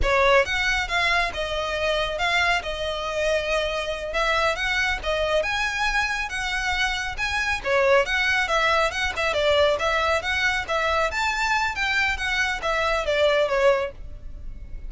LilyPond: \new Staff \with { instrumentName = "violin" } { \time 4/4 \tempo 4 = 138 cis''4 fis''4 f''4 dis''4~ | dis''4 f''4 dis''2~ | dis''4. e''4 fis''4 dis''8~ | dis''8 gis''2 fis''4.~ |
fis''8 gis''4 cis''4 fis''4 e''8~ | e''8 fis''8 e''8 d''4 e''4 fis''8~ | fis''8 e''4 a''4. g''4 | fis''4 e''4 d''4 cis''4 | }